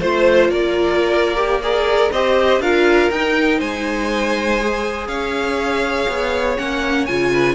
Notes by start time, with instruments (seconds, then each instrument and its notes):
0.00 cello A3, viola F4, violin C5
0.49 cello A#3, violin A#4 D5
1.36 viola G4
1.61 viola G#4, violin A#4 D5
2.11 cello C4, viola G4, violin C5 D#5
2.59 cello D4, viola F4, violin A#4 F5
3.11 cello D#4, viola D#4, violin G5
3.58 cello G#3, violin C5 G#5
4.60 viola G#4
5.07 cello C#4, violin C#5 F5
6.08 cello B3
6.57 cello A#3, viola C#4, violin F#5
7.05 cello C#3, viola F4, violin G#5
7.33 violin B4